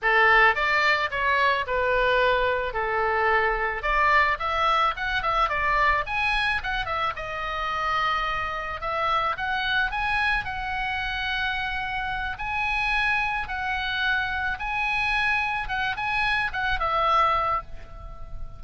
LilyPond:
\new Staff \with { instrumentName = "oboe" } { \time 4/4 \tempo 4 = 109 a'4 d''4 cis''4 b'4~ | b'4 a'2 d''4 | e''4 fis''8 e''8 d''4 gis''4 | fis''8 e''8 dis''2. |
e''4 fis''4 gis''4 fis''4~ | fis''2~ fis''8 gis''4.~ | gis''8 fis''2 gis''4.~ | gis''8 fis''8 gis''4 fis''8 e''4. | }